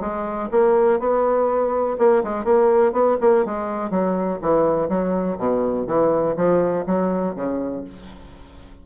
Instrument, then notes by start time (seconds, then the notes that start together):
bassoon
0.00 G#3
0.51 A#3
0.99 B3
1.98 A#3
2.23 G#3
2.44 A#3
2.92 B3
3.20 A#3
3.45 G#3
3.90 F#3
4.41 E3
4.88 F#3
5.37 B2
5.86 E3
6.36 F3
6.86 F#3
7.35 C#3